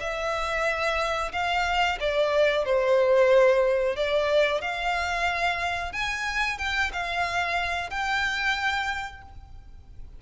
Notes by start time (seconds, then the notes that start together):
0.00 E5
1.32 F5
2.00 D5
2.65 C5
3.96 D5
4.61 F5
5.92 G#5
6.58 G5
6.93 F5
7.90 G5